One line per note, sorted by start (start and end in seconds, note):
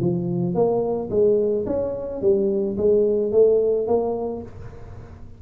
0.00 0.55 F3
0.55 1.10 A#3
1.11 1.66 G#3
1.66 2.21 C#4
2.22 2.77 G3
2.78 3.32 G#3
3.32 3.87 A3
3.87 4.42 A#3